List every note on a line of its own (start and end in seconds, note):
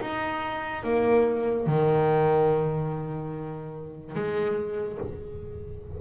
0.00 0.83 D#4
0.83 1.66 A#3
1.66 4.14 D#3
4.14 4.98 G#3